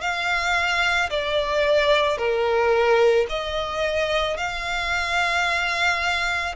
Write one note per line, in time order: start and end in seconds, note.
0.00 1.09 F5
1.10 2.17 D5
2.17 3.26 A#4
3.29 4.37 D#5
4.37 6.55 F5